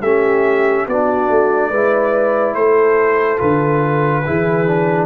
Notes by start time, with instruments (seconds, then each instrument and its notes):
0.00 tuba A3, trombone C#4, horn G4, trumpet E5
0.87 tuba B3, trombone D4, horn F#4, trumpet D5
1.29 tuba A3
1.70 tuba G#3, trombone E4, horn B4
2.54 tuba A3, horn A4, trumpet C5
3.37 tuba D3, trombone F4, trumpet B4
4.24 tuba E3, trombone E4, horn G#4
4.66 trombone D4